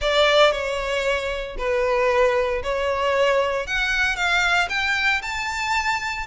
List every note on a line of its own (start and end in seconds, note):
0.01 0.51 D5
0.51 1.56 C#5
1.57 2.62 B4
2.63 3.66 C#5
3.66 4.16 F#5
4.16 4.68 F5
4.69 5.21 G5
5.22 6.26 A5